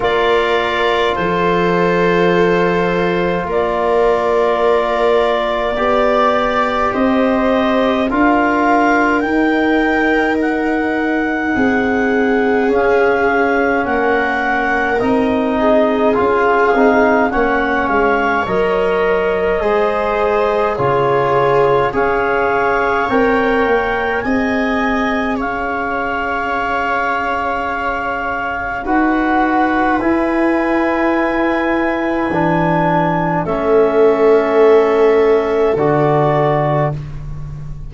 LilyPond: <<
  \new Staff \with { instrumentName = "clarinet" } { \time 4/4 \tempo 4 = 52 d''4 c''2 d''4~ | d''2 dis''4 f''4 | g''4 fis''2 f''4 | fis''4 dis''4 f''4 fis''8 f''8 |
dis''2 cis''4 f''4 | g''4 gis''4 f''2~ | f''4 fis''4 gis''2~ | gis''4 e''2 d''4 | }
  \new Staff \with { instrumentName = "viola" } { \time 4/4 ais'4 a'2 ais'4~ | ais'4 d''4 c''4 ais'4~ | ais'2 gis'2 | ais'4. gis'4. cis''4~ |
cis''4 c''4 gis'4 cis''4~ | cis''4 dis''4 cis''2~ | cis''4 b'2.~ | b'4 a'2. | }
  \new Staff \with { instrumentName = "trombone" } { \time 4/4 f'1~ | f'4 g'2 f'4 | dis'2. cis'4~ | cis'4 dis'4 f'8 dis'8 cis'4 |
ais'4 gis'4 f'4 gis'4 | ais'4 gis'2.~ | gis'4 fis'4 e'2 | d'4 cis'2 fis'4 | }
  \new Staff \with { instrumentName = "tuba" } { \time 4/4 ais4 f2 ais4~ | ais4 b4 c'4 d'4 | dis'2 c'4 cis'4 | ais4 c'4 cis'8 c'8 ais8 gis8 |
fis4 gis4 cis4 cis'4 | c'8 ais8 c'4 cis'2~ | cis'4 dis'4 e'2 | e4 a2 d4 | }
>>